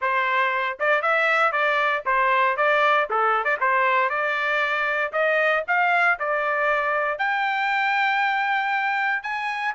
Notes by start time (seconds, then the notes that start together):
0.01 C5
0.79 D5
1.02 E5
1.52 D5
2.05 C5
2.56 D5
3.10 A4
3.44 D5
3.60 C5
4.09 D5
5.12 D#5
5.67 F5
6.19 D5
7.18 G5
9.22 G#5